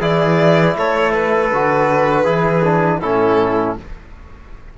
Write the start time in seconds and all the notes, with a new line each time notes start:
0.00 E3 E4 G#4 D5
0.77 A3 A4 C#5
1.12 B4
1.52 D3 F#4
2.24 E3 E4 G#4
2.64 D4
3.01 A2 C#4 E4 A4